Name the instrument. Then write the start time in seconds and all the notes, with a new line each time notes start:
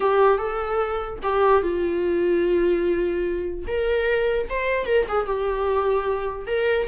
viola
0.00 G4
0.38 A4
1.22 G4
1.62 F4
3.67 A#4
4.49 C5
4.86 A#4
5.08 G#4
5.25 G4
6.47 A#4